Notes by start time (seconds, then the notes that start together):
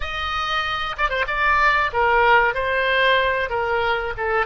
0.00 D#5
0.97 D5
1.09 C5
1.27 D5
1.93 A#4
2.54 C5
3.49 A#4
4.17 A4